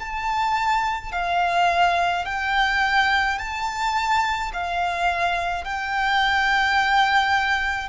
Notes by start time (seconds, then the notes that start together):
0.00 A5
1.12 F5
2.25 G5
3.39 A5
4.54 F5
5.64 G5